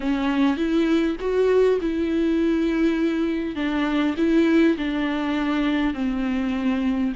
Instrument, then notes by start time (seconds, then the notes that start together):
viola
0.00 C#4
0.56 E4
1.20 F#4
1.81 E4
3.55 D4
4.17 E4
4.77 D4
5.94 C4